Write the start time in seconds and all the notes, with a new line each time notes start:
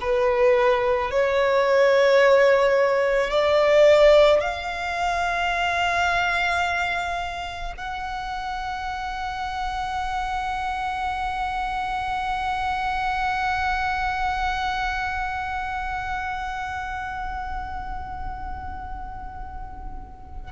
0.00 B4
1.11 C#5
3.30 D5
4.40 F5
7.77 F#5